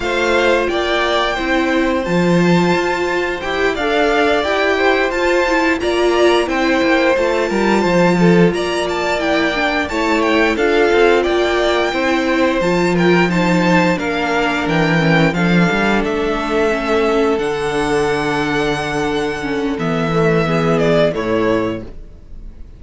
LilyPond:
<<
  \new Staff \with { instrumentName = "violin" } { \time 4/4 \tempo 4 = 88 f''4 g''2 a''4~ | a''4 g''8 f''4 g''4 a''8~ | a''8 ais''4 g''4 a''4.~ | a''8 ais''8 a''8 g''4 a''8 g''8 f''8~ |
f''8 g''2 a''8 g''8 a''8~ | a''8 f''4 g''4 f''4 e''8~ | e''4. fis''2~ fis''8~ | fis''4 e''4. d''8 cis''4 | }
  \new Staff \with { instrumentName = "violin" } { \time 4/4 c''4 d''4 c''2~ | c''4. d''4. c''4~ | c''8 d''4 c''4. ais'8 c''8 | a'8 d''2 cis''4 a'8~ |
a'8 d''4 c''4. ais'8 c''8~ | c''8 ais'2 a'4.~ | a'1~ | a'2 gis'4 e'4 | }
  \new Staff \with { instrumentName = "viola" } { \time 4/4 f'2 e'4 f'4~ | f'4 g'8 a'4 g'4 f'8 | e'8 f'4 e'4 f'4.~ | f'4. e'8 d'8 e'4 f'8~ |
f'4. e'4 f'4 dis'8~ | dis'8 d'4. cis'8 d'4.~ | d'8 cis'4 d'2~ d'8~ | d'8 cis'8 b8 a8 b4 a4 | }
  \new Staff \with { instrumentName = "cello" } { \time 4/4 a4 ais4 c'4 f4 | f'4 e'8 d'4 e'4 f'8~ | f'8 ais4 c'8 ais8 a8 g8 f8~ | f8 ais2 a4 d'8 |
c'8 ais4 c'4 f4.~ | f8 ais4 e4 f8 g8 a8~ | a4. d2~ d8~ | d4 e2 a,4 | }
>>